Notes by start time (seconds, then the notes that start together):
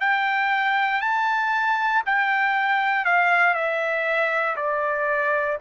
0.00 G5
1.01 A5
2.06 G5
3.05 F5
3.54 E5
4.56 D5